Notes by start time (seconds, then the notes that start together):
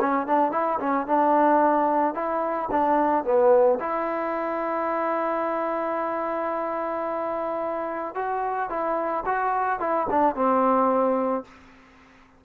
0.00 C#4
0.27 D4
0.52 E4
0.80 C#4
1.07 D4
2.15 E4
2.71 D4
3.25 B3
3.80 E4
8.15 F#4
8.70 E4
9.26 F#4
9.80 E4
10.10 D4
10.35 C4